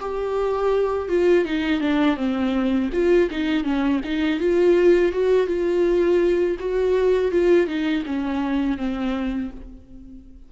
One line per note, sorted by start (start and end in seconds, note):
0.00 1.09 G4
1.09 1.45 F4
1.45 1.81 D#4
1.81 2.17 D4
2.17 2.90 C4
2.93 3.29 F4
3.31 3.64 D#4
3.64 4.00 C#4
4.04 4.40 D#4
4.40 5.12 F4
5.12 5.47 F#4
5.47 6.57 F4
6.60 7.31 F#4
7.31 7.67 F4
7.67 8.04 D#4
8.06 8.77 C#4
8.77 9.51 C4